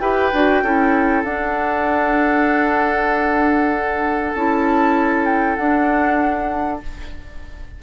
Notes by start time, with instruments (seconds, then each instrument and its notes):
0.00 bassoon E4, clarinet G4, oboe B4, flute G5
0.34 bassoon D4, clarinet F#4
0.63 bassoon C#4, clarinet E4, oboe A4
1.24 bassoon D4, clarinet D4, flute F#5
4.34 bassoon C#4, clarinet E4, flute A5
5.26 flute G5
5.56 bassoon D4, clarinet D4, flute F#5